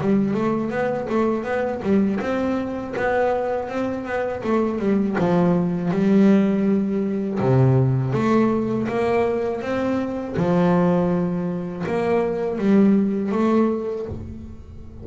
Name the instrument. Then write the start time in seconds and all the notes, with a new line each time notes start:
double bass
0.00 G3
0.33 A3
0.70 B3
1.09 A3
1.43 B3
1.82 G3
2.20 C4
2.96 B3
3.68 C4
4.05 B3
4.43 A3
4.79 G3
5.19 F3
5.91 G3
7.39 C3
8.13 A3
8.88 A#3
9.61 C4
10.36 F3
11.86 A#3
12.58 G3
13.31 A3